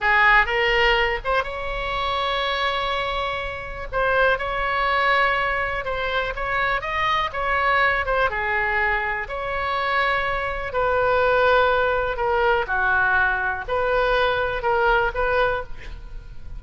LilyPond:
\new Staff \with { instrumentName = "oboe" } { \time 4/4 \tempo 4 = 123 gis'4 ais'4. c''8 cis''4~ | cis''1 | c''4 cis''2. | c''4 cis''4 dis''4 cis''4~ |
cis''8 c''8 gis'2 cis''4~ | cis''2 b'2~ | b'4 ais'4 fis'2 | b'2 ais'4 b'4 | }